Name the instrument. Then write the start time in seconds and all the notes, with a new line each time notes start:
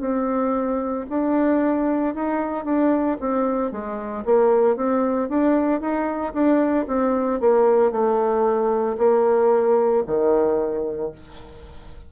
bassoon
0.00 C4
1.10 D4
2.14 D#4
2.65 D4
3.20 C4
3.71 G#3
4.25 A#3
4.76 C4
5.29 D4
5.80 D#4
6.33 D4
6.87 C4
7.40 A#3
7.91 A3
8.98 A#3
10.06 D#3